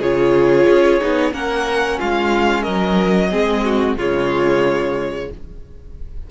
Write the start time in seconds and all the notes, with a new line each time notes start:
0.00 C#3 F4 G#4 C#5
0.68 C#4
1.01 B3 D#4
1.32 A#3 C#4 A#4 F#5
1.99 G#3 F4 F5
2.62 F#3 A#4 D#5
3.30 G#3 C4 G#4
3.65 F#4
3.97 C#3 G#3 F4 C#5